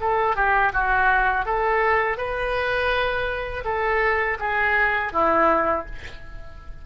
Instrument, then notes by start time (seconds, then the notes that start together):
oboe
0.00 A4
0.36 G4
0.73 F#4
1.45 A4
2.17 B4
3.64 A4
4.39 G#4
5.13 E4